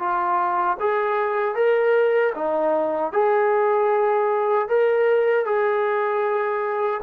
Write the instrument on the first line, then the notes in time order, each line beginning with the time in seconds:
trombone
0.00 F4
0.80 G#4
1.56 A#4
2.35 D#4
3.13 G#4
4.69 A#4
5.45 G#4